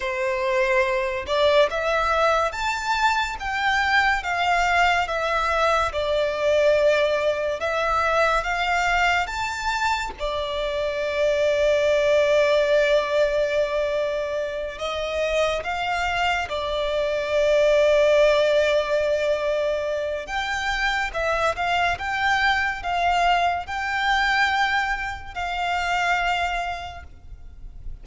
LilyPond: \new Staff \with { instrumentName = "violin" } { \time 4/4 \tempo 4 = 71 c''4. d''8 e''4 a''4 | g''4 f''4 e''4 d''4~ | d''4 e''4 f''4 a''4 | d''1~ |
d''4. dis''4 f''4 d''8~ | d''1 | g''4 e''8 f''8 g''4 f''4 | g''2 f''2 | }